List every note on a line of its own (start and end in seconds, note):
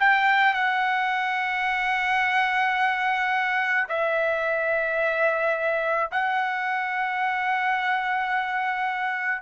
0.00 0.54 G5
0.54 3.87 F#5
3.88 6.11 E5
6.12 9.42 F#5